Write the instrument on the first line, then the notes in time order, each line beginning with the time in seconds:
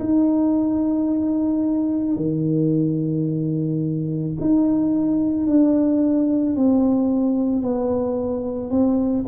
tuba
0.00 D#4
2.16 D#3
4.41 D#4
5.47 D4
6.57 C4
7.62 B3
8.71 C4